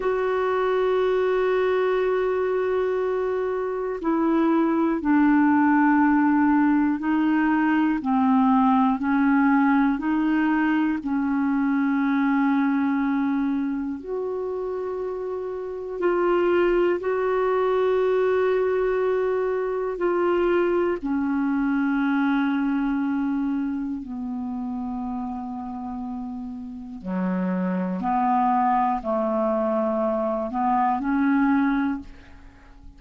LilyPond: \new Staff \with { instrumentName = "clarinet" } { \time 4/4 \tempo 4 = 60 fis'1 | e'4 d'2 dis'4 | c'4 cis'4 dis'4 cis'4~ | cis'2 fis'2 |
f'4 fis'2. | f'4 cis'2. | b2. fis4 | b4 a4. b8 cis'4 | }